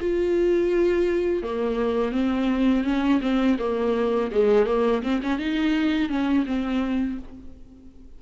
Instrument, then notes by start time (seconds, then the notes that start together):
viola
0.00 F4
1.43 A#3
2.12 C4
2.84 C#4
3.21 C4
3.58 A#3
4.31 G#3
4.66 A#3
5.02 C4
5.22 C#4
5.39 D#4
6.09 C#4
6.45 C4